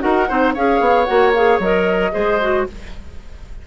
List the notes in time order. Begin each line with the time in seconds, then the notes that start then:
0.00 D#4 F#4 A#4 F#5
0.29 C4 D#4 C5
0.54 C#4 G#4 C#5 F5
0.81 B3
1.05 A#3 F#4 F#5
1.34 G#4 F5
1.59 F#3 A#4 D#5
2.12 G#3 G#4 C5
2.41 F#4